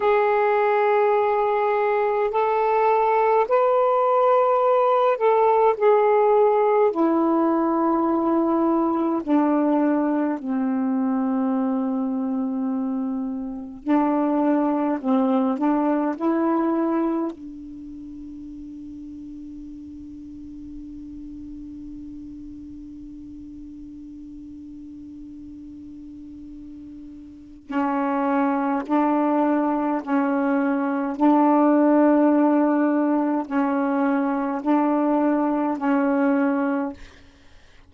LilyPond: \new Staff \with { instrumentName = "saxophone" } { \time 4/4 \tempo 4 = 52 gis'2 a'4 b'4~ | b'8 a'8 gis'4 e'2 | d'4 c'2. | d'4 c'8 d'8 e'4 d'4~ |
d'1~ | d'1 | cis'4 d'4 cis'4 d'4~ | d'4 cis'4 d'4 cis'4 | }